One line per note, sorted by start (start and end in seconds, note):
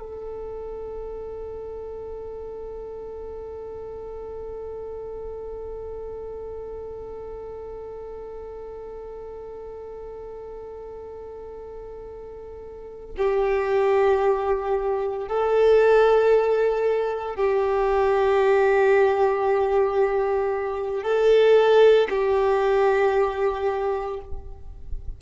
0.00 13.16 A4
13.18 15.28 G4
15.28 17.36 A4
17.36 21.03 G4
21.03 22.08 A4
22.10 24.20 G4